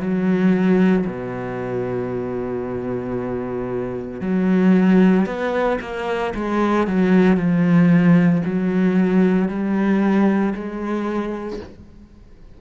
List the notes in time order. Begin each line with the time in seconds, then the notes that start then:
0.00 F#3
1.06 B2
4.21 F#3
5.26 B3
5.81 A#3
6.35 G#3
6.88 F#3
7.37 F3
8.45 F#3
9.48 G3
10.55 G#3